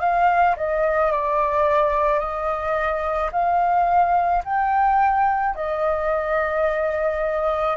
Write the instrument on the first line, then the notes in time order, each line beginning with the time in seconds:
flute
0.00 F5
0.57 D#5
1.12 D5
2.19 D#5
3.32 F5
4.44 G5
5.56 D#5